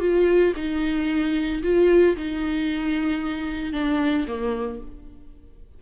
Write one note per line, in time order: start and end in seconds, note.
0.00 0.53 F4
0.56 1.62 D#4
1.63 2.16 F4
2.16 3.73 D#4
3.73 4.26 D4
4.27 4.80 A#3